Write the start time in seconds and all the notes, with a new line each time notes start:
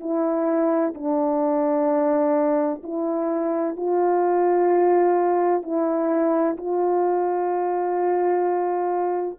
0.00 E4
0.95 D4
2.83 E4
3.76 F4
5.63 E4
6.57 F4